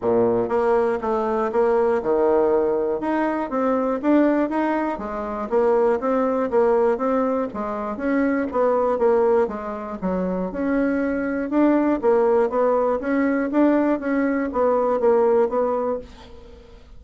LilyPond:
\new Staff \with { instrumentName = "bassoon" } { \time 4/4 \tempo 4 = 120 ais,4 ais4 a4 ais4 | dis2 dis'4 c'4 | d'4 dis'4 gis4 ais4 | c'4 ais4 c'4 gis4 |
cis'4 b4 ais4 gis4 | fis4 cis'2 d'4 | ais4 b4 cis'4 d'4 | cis'4 b4 ais4 b4 | }